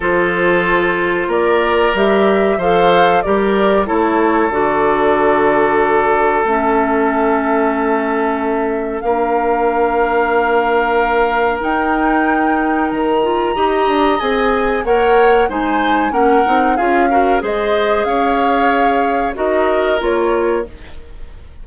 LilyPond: <<
  \new Staff \with { instrumentName = "flute" } { \time 4/4 \tempo 4 = 93 c''2 d''4 e''4 | f''4 d''4 cis''4 d''4~ | d''2 e''2~ | e''2 f''2~ |
f''2 g''2 | ais''2 gis''4 fis''4 | gis''4 fis''4 f''4 dis''4 | f''2 dis''4 cis''4 | }
  \new Staff \with { instrumentName = "oboe" } { \time 4/4 a'2 ais'2 | c''4 ais'4 a'2~ | a'1~ | a'2 ais'2~ |
ais'1~ | ais'4 dis''2 cis''4 | c''4 ais'4 gis'8 ais'8 c''4 | cis''2 ais'2 | }
  \new Staff \with { instrumentName = "clarinet" } { \time 4/4 f'2. g'4 | a'4 g'4 e'4 fis'4~ | fis'2 cis'2~ | cis'2 d'2~ |
d'2 dis'2~ | dis'8 f'8 g'4 gis'4 ais'4 | dis'4 cis'8 dis'8 f'8 fis'8 gis'4~ | gis'2 fis'4 f'4 | }
  \new Staff \with { instrumentName = "bassoon" } { \time 4/4 f2 ais4 g4 | f4 g4 a4 d4~ | d2 a2~ | a2 ais2~ |
ais2 dis'2 | dis4 dis'8 d'8 c'4 ais4 | gis4 ais8 c'8 cis'4 gis4 | cis'2 dis'4 ais4 | }
>>